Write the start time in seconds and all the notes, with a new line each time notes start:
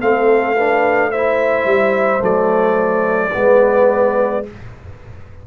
0.00 A3 C4 A4 F5
0.56 D4 B4
1.10 E4 C5 E5
1.65 G3
2.19 F#3 A3 D5
3.32 G#3 B3 B4